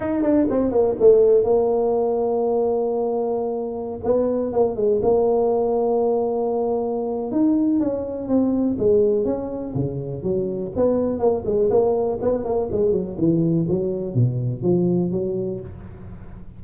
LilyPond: \new Staff \with { instrumentName = "tuba" } { \time 4/4 \tempo 4 = 123 dis'8 d'8 c'8 ais8 a4 ais4~ | ais1~ | ais16 b4 ais8 gis8 ais4.~ ais16~ | ais2. dis'4 |
cis'4 c'4 gis4 cis'4 | cis4 fis4 b4 ais8 gis8 | ais4 b8 ais8 gis8 fis8 e4 | fis4 b,4 f4 fis4 | }